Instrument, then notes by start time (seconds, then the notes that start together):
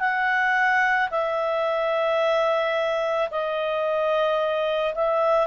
clarinet
0.00 F#5
1.11 E5
3.31 D#5
4.95 E5